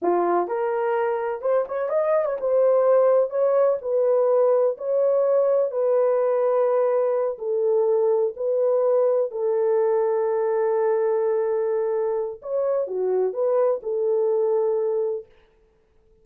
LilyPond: \new Staff \with { instrumentName = "horn" } { \time 4/4 \tempo 4 = 126 f'4 ais'2 c''8 cis''8 | dis''8. cis''16 c''2 cis''4 | b'2 cis''2 | b'2.~ b'8 a'8~ |
a'4. b'2 a'8~ | a'1~ | a'2 cis''4 fis'4 | b'4 a'2. | }